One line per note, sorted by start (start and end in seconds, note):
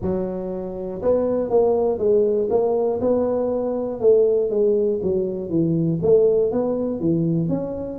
0.01 1.01 F#3
1.02 1.50 B3
1.50 1.98 A#3
1.98 2.48 G#3
2.50 3.00 A#3
3.00 4.00 B3
4.00 4.50 A3
4.50 5.00 G#3
5.02 5.49 F#3
5.49 5.99 E3
6.02 6.51 A3
6.51 7.00 B3
7.00 7.49 E3
7.49 7.99 C#4